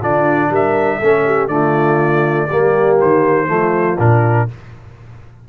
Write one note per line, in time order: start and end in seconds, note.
0.00 0.49 D3
0.00 1.01 D4
0.00 0.50 F4
0.00 0.52 D5
0.49 0.99 G3
0.49 0.98 A#4
0.49 1.47 E5
0.98 1.47 A3
0.98 1.49 C#4
0.98 1.23 A4
1.25 1.50 G4
1.47 2.46 D3
1.47 2.48 A3
1.47 2.48 F4
1.47 2.96 D5
2.48 3.00 G3
2.48 3.47 A#3
2.48 3.47 G4
3.00 3.48 D#3
3.00 3.99 C5
3.47 3.98 F3
3.47 3.97 A3
3.47 4.47 F4
3.98 4.48 A#2
3.98 4.48 D4
3.98 4.48 A#4